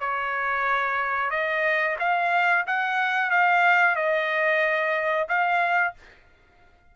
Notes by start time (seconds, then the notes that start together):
0.00 C#5
1.30 D#5
1.99 F5
2.67 F#5
3.30 F5
3.96 D#5
5.28 F5